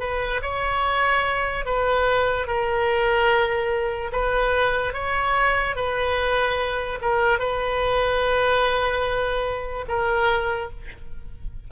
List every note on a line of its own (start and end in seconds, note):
0.00 0.41 B4
0.42 1.66 C#5
1.66 2.47 B4
2.47 4.11 A#4
4.12 4.94 B4
4.94 5.76 C#5
5.76 6.99 B4
7.01 7.39 A#4
7.39 9.86 B4
9.88 10.70 A#4